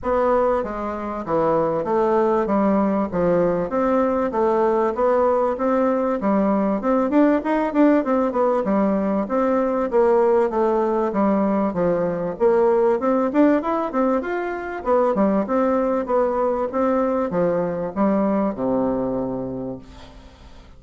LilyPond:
\new Staff \with { instrumentName = "bassoon" } { \time 4/4 \tempo 4 = 97 b4 gis4 e4 a4 | g4 f4 c'4 a4 | b4 c'4 g4 c'8 d'8 | dis'8 d'8 c'8 b8 g4 c'4 |
ais4 a4 g4 f4 | ais4 c'8 d'8 e'8 c'8 f'4 | b8 g8 c'4 b4 c'4 | f4 g4 c2 | }